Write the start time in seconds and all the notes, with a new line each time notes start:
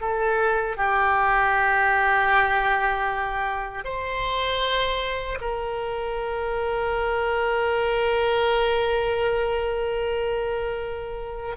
0.00 A4
0.77 G4
3.84 C5
5.41 A#4